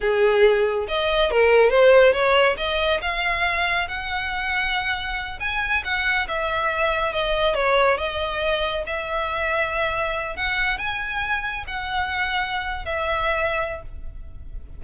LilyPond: \new Staff \with { instrumentName = "violin" } { \time 4/4 \tempo 4 = 139 gis'2 dis''4 ais'4 | c''4 cis''4 dis''4 f''4~ | f''4 fis''2.~ | fis''8 gis''4 fis''4 e''4.~ |
e''8 dis''4 cis''4 dis''4.~ | dis''8 e''2.~ e''8 | fis''4 gis''2 fis''4~ | fis''4.~ fis''16 e''2~ e''16 | }